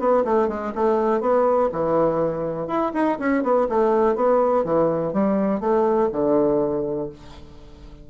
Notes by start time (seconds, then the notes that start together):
0.00 B3
0.25 A3
0.49 G#3
0.76 A3
1.21 B3
1.73 E3
2.68 E4
2.94 D#4
3.20 C#4
3.43 B3
3.69 A3
4.16 B3
4.65 E3
5.13 G3
5.61 A3
6.13 D3